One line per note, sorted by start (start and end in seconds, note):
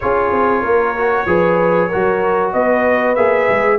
0.00 0.31 C#4
0.00 0.96 F4
0.00 0.63 G#4
0.00 2.50 C#5
0.31 0.61 C4
0.61 1.25 A#3
0.61 1.26 A#4
0.97 1.26 F#4
1.26 1.89 F3
1.26 1.90 G#4
1.26 1.88 B4
1.88 3.17 F#4
1.88 2.51 A#4
1.94 2.54 F#3
2.52 3.16 B3
2.52 3.78 B4
2.52 3.15 D#5
3.15 3.48 A#3
3.15 3.78 G#4
3.15 3.78 E5
3.49 3.78 G#3